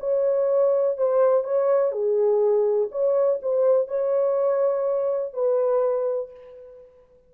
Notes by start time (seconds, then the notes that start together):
0.00 C#5
0.98 C5
1.44 C#5
1.92 G#4
2.92 C#5
3.43 C5
3.88 C#5
5.34 B4